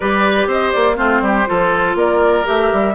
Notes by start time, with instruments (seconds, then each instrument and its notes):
0.00 bassoon G3, clarinet G4, oboe B4, flute D5
0.46 bassoon C4, oboe C5, flute D#5
0.71 bassoon A#3, flute D5
0.95 bassoon A3, clarinet C4, oboe F4, flute C5
1.21 bassoon G3, oboe G4
1.46 bassoon F3, clarinet F4, oboe A4
1.94 bassoon A#3, oboe A#4, flute D5
2.44 bassoon A3, clarinet G4, flute E5
2.72 bassoon G3